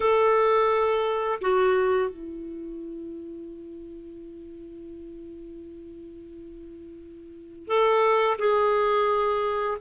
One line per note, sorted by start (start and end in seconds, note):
0.00 1.40 A4
1.41 2.10 F#4
2.10 7.67 E4
7.67 8.37 A4
8.38 9.77 G#4